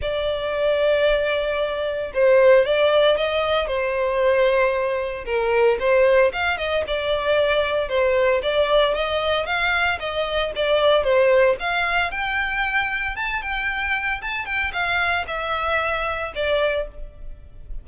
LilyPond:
\new Staff \with { instrumentName = "violin" } { \time 4/4 \tempo 4 = 114 d''1 | c''4 d''4 dis''4 c''4~ | c''2 ais'4 c''4 | f''8 dis''8 d''2 c''4 |
d''4 dis''4 f''4 dis''4 | d''4 c''4 f''4 g''4~ | g''4 a''8 g''4. a''8 g''8 | f''4 e''2 d''4 | }